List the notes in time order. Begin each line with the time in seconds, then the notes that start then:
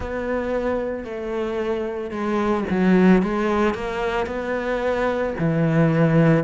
0.00 B3
1.04 A3
2.10 G#3
2.70 F#3
3.22 G#3
3.74 A#3
4.26 B3
5.39 E3